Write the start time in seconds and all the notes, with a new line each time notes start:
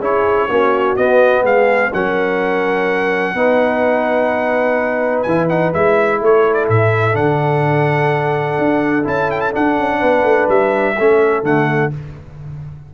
0.00 C#4 E4 G#4 C#5
0.50 A#3 C#4 F#4
0.96 B3 D#5
1.43 G#3 G#4 F5
1.93 F#3 C#4 A#4 F#5
3.35 B3 D#4 B4
5.23 E3 G#5
5.29 E4
5.49 D#4 F#5
5.74 G#3 E4 E5
6.21 A3 A4 C#5
6.54 D5
6.69 A2 E5
7.13 D3 D4 F#5
8.58 D4
9.05 C#4 E4 A5
9.31 G5
9.41 A5
9.52 D4 F#5
9.79 C#4
10.00 B3 B4
10.24 A3
10.49 G3 E5
10.99 A3 C#4 A4
11.43 D3 A3 F#5